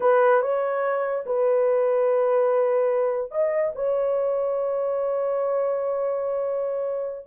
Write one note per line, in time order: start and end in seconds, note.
0.00 0.41 B4
0.41 1.24 C#5
1.26 3.31 B4
3.31 3.72 D#5
3.75 7.26 C#5